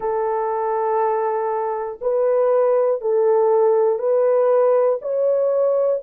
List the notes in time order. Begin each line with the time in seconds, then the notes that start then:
0.00 A4
2.00 B4
3.01 A4
3.98 B4
5.01 C#5